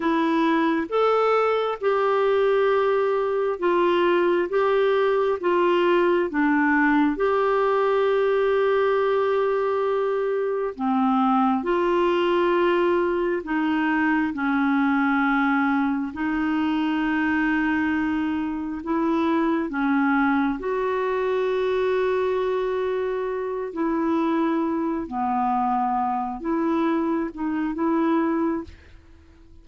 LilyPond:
\new Staff \with { instrumentName = "clarinet" } { \time 4/4 \tempo 4 = 67 e'4 a'4 g'2 | f'4 g'4 f'4 d'4 | g'1 | c'4 f'2 dis'4 |
cis'2 dis'2~ | dis'4 e'4 cis'4 fis'4~ | fis'2~ fis'8 e'4. | b4. e'4 dis'8 e'4 | }